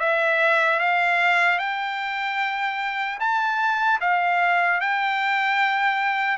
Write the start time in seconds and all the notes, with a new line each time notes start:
0.00 E5
0.80 F5
1.59 G5
3.20 A5
4.01 F5
4.81 G5